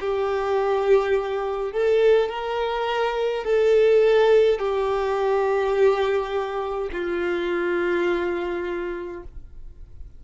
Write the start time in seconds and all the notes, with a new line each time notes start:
0.00 G4
1.72 A4
2.29 A#4
3.44 A4
4.59 G4
6.92 F4